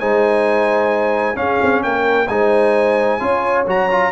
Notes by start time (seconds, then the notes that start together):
0.00 G#3 D#4 C5 G#5
1.35 C#4 G#4 F5
1.63 C4
1.83 A#3 A#4 G5
2.28 G#3 D#4 C5 G#5
3.20 C#4 F4 C#5
3.67 F#3 F#4 A#5
3.91 F4